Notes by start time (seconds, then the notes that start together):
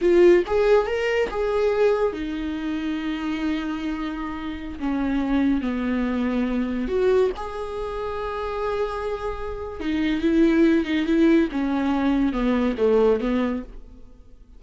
0.01 F4
0.46 G#4
0.86 A#4
1.29 G#4
2.13 D#4
4.79 C#4
5.61 B3
6.87 F#4
7.36 G#4
9.80 D#4
10.21 E4
10.84 D#4
11.06 E4
11.51 C#4
12.32 B3
12.77 A3
13.20 B3